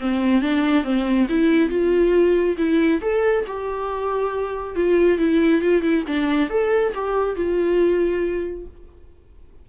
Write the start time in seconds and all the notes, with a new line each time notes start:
0.00 C4
0.42 D4
0.84 C4
1.29 E4
1.69 F4
2.58 E4
3.01 A4
3.47 G4
4.75 F4
5.18 E4
5.61 F4
5.82 E4
6.07 D4
6.50 A4
6.95 G4
7.36 F4